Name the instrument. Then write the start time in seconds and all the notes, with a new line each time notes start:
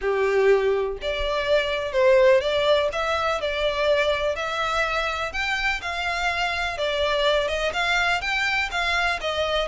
violin
0.01 G4
1.01 D5
1.92 C5
2.41 D5
2.92 E5
3.40 D5
4.35 E5
5.32 G5
5.81 F5
6.77 D5
7.48 D#5
7.73 F5
8.21 G5
8.71 F5
9.20 D#5